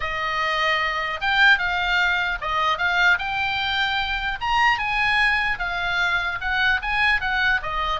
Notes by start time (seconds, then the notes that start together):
0.00 D#5
1.20 G5
1.58 F5
2.41 D#5
2.77 F5
3.18 G5
4.40 A#5
4.78 G#5
5.59 F5
6.40 F#5
6.81 G#5
7.20 F#5
7.62 D#5